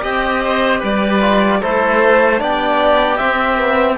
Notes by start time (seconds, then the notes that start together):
0.00 C4 G4 D#5
0.44 C5
0.80 G3 B4 D5
1.21 F4
1.61 A3 E4 A4 C5
2.38 B3 D4 G4 D5
3.16 C4 E5
3.57 B3